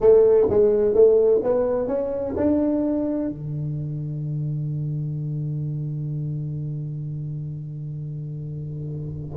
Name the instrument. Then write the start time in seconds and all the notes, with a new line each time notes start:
tuba
0.01 A3
0.49 G#3
0.94 A3
1.43 B3
1.87 C#4
2.36 D4
3.28 D3